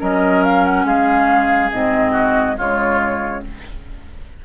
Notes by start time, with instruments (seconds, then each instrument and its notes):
0.00 bassoon F#3, clarinet C#4, oboe A#4, flute D#5
0.44 flute F5
0.65 flute F#5
0.85 bassoon G#3, oboe G#4, flute F5
1.72 bassoon G#2, clarinet C4, flute D#5
2.12 oboe F#4
2.57 bassoon C#3, clarinet G#3, oboe F4, flute C#5